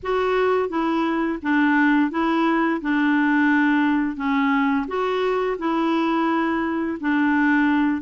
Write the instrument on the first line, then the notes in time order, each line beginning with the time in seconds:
clarinet
0.02 F#4
0.69 E4
1.42 D4
2.11 E4
2.81 D4
4.16 C#4
4.87 F#4
5.58 E4
7.00 D4